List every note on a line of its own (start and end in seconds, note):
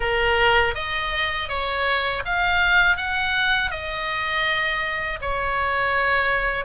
0.00 0.74 A#4
0.74 1.48 D#5
1.48 2.23 C#5
2.25 2.96 F5
2.96 3.70 F#5
3.70 5.19 D#5
5.21 6.65 C#5